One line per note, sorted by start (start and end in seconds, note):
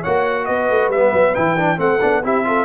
0.00 0.49 A#3
0.00 0.93 F#4
0.00 0.44 C#5
0.00 0.45 F#5
0.45 0.70 B3
0.45 1.78 B4
0.45 0.89 D#5
0.70 0.88 A3
0.88 1.10 G3
0.88 1.34 B3
0.88 1.35 E5
1.12 1.34 F#3
1.34 1.78 E3
1.34 1.57 E4
1.34 1.79 G5
1.57 1.77 D4
1.77 2.00 A3
1.77 1.99 C4
1.77 2.23 A4
1.77 2.23 F#5
2.00 2.23 B3
2.00 2.22 D4
2.23 2.65 C4
2.23 2.44 E4
2.23 2.45 G4
2.23 2.65 E5
2.44 2.65 F4
2.44 2.65 A4